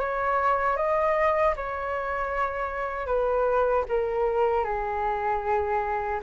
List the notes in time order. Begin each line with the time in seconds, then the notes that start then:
0.00 C#5
0.77 D#5
1.57 C#5
3.07 B4
3.89 A#4
4.65 G#4